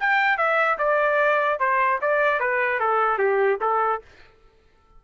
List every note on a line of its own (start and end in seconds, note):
0.00 0.38 G5
0.38 0.78 E5
0.79 1.60 D5
1.60 2.00 C5
2.01 2.40 D5
2.40 2.80 B4
2.80 3.18 A4
3.18 3.59 G4
3.61 4.02 A4